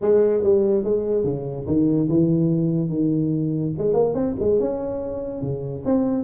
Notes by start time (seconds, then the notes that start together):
0.01 G#3
0.43 G3
0.83 G#3
1.24 C#3
1.66 D#3
2.09 E3
2.89 D#3
3.77 G#3
3.93 A#3
4.14 C4
4.39 G#3
4.59 C#4
5.41 C#3
5.85 C4